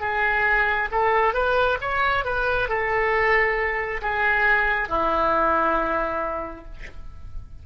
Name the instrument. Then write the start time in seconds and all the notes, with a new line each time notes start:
oboe
0.00 G#4
0.91 A4
1.34 B4
1.80 C#5
2.24 B4
2.68 A4
4.01 G#4
4.88 E4